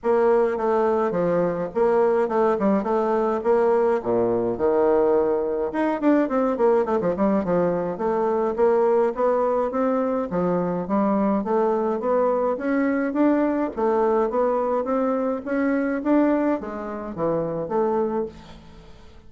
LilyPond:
\new Staff \with { instrumentName = "bassoon" } { \time 4/4 \tempo 4 = 105 ais4 a4 f4 ais4 | a8 g8 a4 ais4 ais,4 | dis2 dis'8 d'8 c'8 ais8 | a16 f16 g8 f4 a4 ais4 |
b4 c'4 f4 g4 | a4 b4 cis'4 d'4 | a4 b4 c'4 cis'4 | d'4 gis4 e4 a4 | }